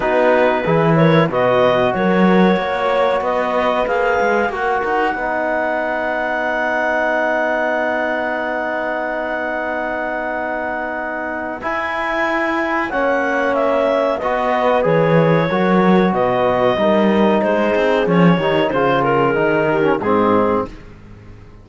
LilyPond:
<<
  \new Staff \with { instrumentName = "clarinet" } { \time 4/4 \tempo 4 = 93 b'4. cis''8 dis''4 cis''4~ | cis''4 dis''4 f''4 fis''4~ | fis''1~ | fis''1~ |
fis''2 gis''2 | fis''4 e''4 dis''4 cis''4~ | cis''4 dis''2 c''4 | cis''4 c''8 ais'4. gis'4 | }
  \new Staff \with { instrumentName = "horn" } { \time 4/4 fis'4 gis'8 ais'8 b'4 ais'4 | cis''4 b'2 ais'4 | b'1~ | b'1~ |
b'1 | cis''2 b'2 | ais'4 b'4 ais'4 gis'4~ | gis'8 g'8 gis'4. g'8 dis'4 | }
  \new Staff \with { instrumentName = "trombone" } { \time 4/4 dis'4 e'4 fis'2~ | fis'2 gis'4 fis'4 | dis'1~ | dis'1~ |
dis'2 e'2 | cis'2 fis'4 gis'4 | fis'2 dis'2 | cis'8 dis'8 f'4 dis'8. cis'16 c'4 | }
  \new Staff \with { instrumentName = "cello" } { \time 4/4 b4 e4 b,4 fis4 | ais4 b4 ais8 gis8 ais8 dis'8 | b1~ | b1~ |
b2 e'2 | ais2 b4 e4 | fis4 b,4 g4 gis8 c'8 | f8 dis8 cis4 dis4 gis,4 | }
>>